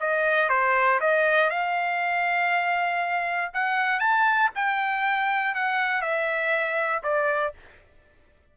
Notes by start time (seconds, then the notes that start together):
0.00 D#5
0.49 C5
1.00 D#5
1.50 F5
3.54 F#5
3.99 A5
4.55 G5
5.54 F#5
6.01 E5
7.03 D5